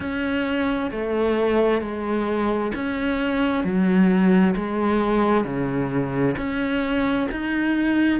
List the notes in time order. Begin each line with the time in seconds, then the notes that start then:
0.00 C#4
0.91 A3
1.81 G#3
2.74 C#4
3.64 F#3
4.55 G#3
5.44 C#3
6.37 C#4
7.31 D#4